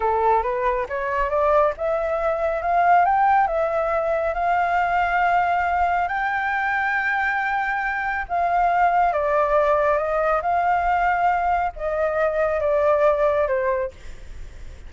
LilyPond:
\new Staff \with { instrumentName = "flute" } { \time 4/4 \tempo 4 = 138 a'4 b'4 cis''4 d''4 | e''2 f''4 g''4 | e''2 f''2~ | f''2 g''2~ |
g''2. f''4~ | f''4 d''2 dis''4 | f''2. dis''4~ | dis''4 d''2 c''4 | }